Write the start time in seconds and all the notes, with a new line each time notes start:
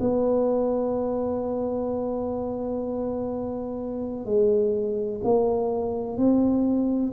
0.00 B3
4.26 G#3
5.24 A#3
6.18 C4